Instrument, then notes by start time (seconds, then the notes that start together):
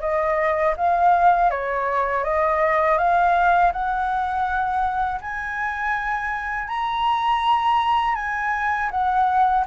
flute
0.00 D#5
0.76 F5
1.50 C#5
2.24 D#5
2.98 F5
3.72 F#5
5.21 G#5
6.67 A#5
8.15 G#5
8.91 F#5